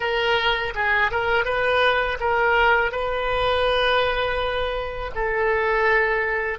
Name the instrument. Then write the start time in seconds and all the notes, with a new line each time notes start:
oboe
0.00 A#4
0.75 G#4
1.11 A#4
1.45 B4
2.20 A#4
2.91 B4
5.14 A4